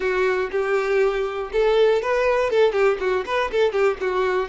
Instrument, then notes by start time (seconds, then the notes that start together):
violin
0.00 F#4
0.51 G4
1.52 A4
2.02 B4
2.50 A4
2.72 G4
3.00 F#4
3.25 B4
3.51 A4
3.72 G4
4.00 F#4